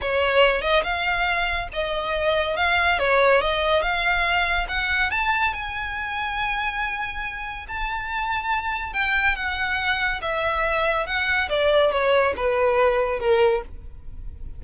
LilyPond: \new Staff \with { instrumentName = "violin" } { \time 4/4 \tempo 4 = 141 cis''4. dis''8 f''2 | dis''2 f''4 cis''4 | dis''4 f''2 fis''4 | a''4 gis''2.~ |
gis''2 a''2~ | a''4 g''4 fis''2 | e''2 fis''4 d''4 | cis''4 b'2 ais'4 | }